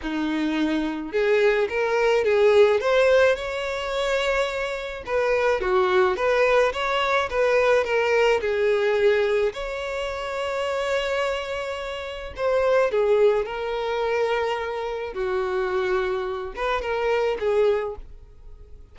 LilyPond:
\new Staff \with { instrumentName = "violin" } { \time 4/4 \tempo 4 = 107 dis'2 gis'4 ais'4 | gis'4 c''4 cis''2~ | cis''4 b'4 fis'4 b'4 | cis''4 b'4 ais'4 gis'4~ |
gis'4 cis''2.~ | cis''2 c''4 gis'4 | ais'2. fis'4~ | fis'4. b'8 ais'4 gis'4 | }